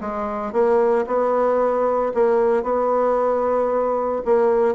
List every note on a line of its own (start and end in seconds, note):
0.00 0.52 G#3
0.52 1.05 A#3
1.06 2.12 B3
2.14 2.63 A#3
2.63 4.22 B3
4.25 4.75 A#3